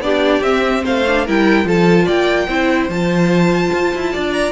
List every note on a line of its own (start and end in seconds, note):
0.00 0.41 B3
0.00 0.43 D4
0.00 0.84 G4
0.00 0.43 D5
0.41 0.83 C4
0.41 1.05 C4
0.41 0.84 E5
0.84 1.28 A3
0.84 1.25 C5
0.84 1.27 F5
1.07 1.27 D4
1.25 1.65 G3
1.25 1.65 E4
1.25 1.66 A#4
1.25 1.69 G5
1.65 2.06 F3
1.65 2.48 F4
1.65 2.05 A4
1.65 2.08 A5
2.05 2.48 A#3
2.05 2.46 D5
2.05 2.90 G5
2.48 2.89 C4
2.48 2.91 E4
2.48 4.13 C5
2.89 3.71 F3
2.89 4.52 F4
2.89 4.33 A5
3.73 3.94 F4
3.95 4.16 E4
4.13 4.52 D4
4.13 4.52 D5
4.33 4.52 A#5